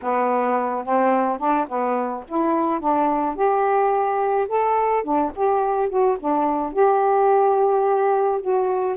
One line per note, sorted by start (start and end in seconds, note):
0.02 0.84 B3
0.84 1.38 C4
1.38 1.66 D4
1.67 2.24 B3
2.27 2.79 E4
2.79 3.35 D4
3.35 4.47 G4
4.48 5.03 A4
5.03 5.31 D4
5.35 5.89 G4
5.89 6.17 F#4
6.19 6.73 D4
6.73 8.41 G4
8.41 8.97 F#4